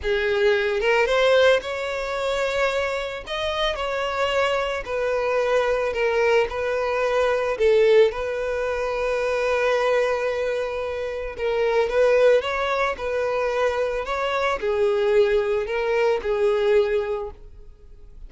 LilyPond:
\new Staff \with { instrumentName = "violin" } { \time 4/4 \tempo 4 = 111 gis'4. ais'8 c''4 cis''4~ | cis''2 dis''4 cis''4~ | cis''4 b'2 ais'4 | b'2 a'4 b'4~ |
b'1~ | b'4 ais'4 b'4 cis''4 | b'2 cis''4 gis'4~ | gis'4 ais'4 gis'2 | }